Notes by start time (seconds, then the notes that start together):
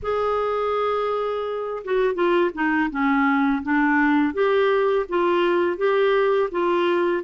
0.02 G#4
1.84 F#4
2.14 F4
2.54 D#4
2.90 C#4
3.62 D4
4.33 G4
5.08 F4
5.77 G4
6.51 F4